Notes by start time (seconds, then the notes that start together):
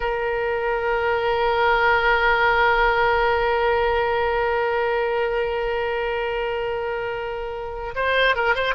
0.00 A#4
7.95 C5
8.35 A#4
8.55 C5